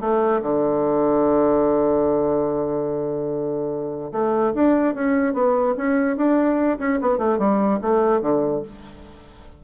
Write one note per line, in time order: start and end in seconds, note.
0.00 0.41 A3
0.41 4.11 D3
4.12 4.53 A3
4.54 4.94 D4
4.94 5.33 C#4
5.33 5.75 B3
5.77 6.17 C#4
6.17 6.78 D4
6.79 6.99 C#4
7.01 7.18 B3
7.18 7.38 A3
7.38 7.79 G3
7.81 8.21 A3
8.21 8.62 D3